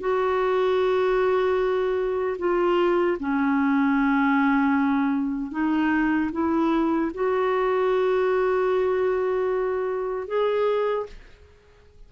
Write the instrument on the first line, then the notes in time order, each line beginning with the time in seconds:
clarinet
0.00 F#4
2.38 F4
3.19 C#4
5.51 D#4
6.32 E4
7.14 F#4
10.27 G#4